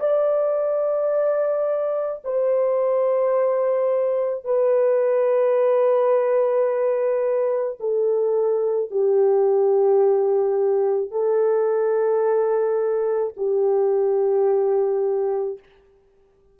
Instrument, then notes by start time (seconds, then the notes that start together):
horn
0.00 D5
2.24 C5
4.44 B4
7.80 A4
8.90 G4
11.11 A4
13.37 G4